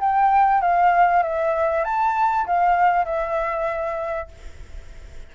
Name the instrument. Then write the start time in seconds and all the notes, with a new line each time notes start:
flute
0.00 G5
0.61 F5
1.23 E5
1.84 A5
2.46 F5
3.05 E5